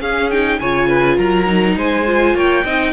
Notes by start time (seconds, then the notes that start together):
0.00 C#4 G#4 F5
0.31 D#4 G5
0.60 C#3 F4 C#5 G#5
0.88 B4
1.17 F#3 A#4 A#5
1.46 D#4
1.76 G#3 C5 G#5
2.06 F4
2.34 A#3 C#5 G5
2.64 C4 D#4 D#5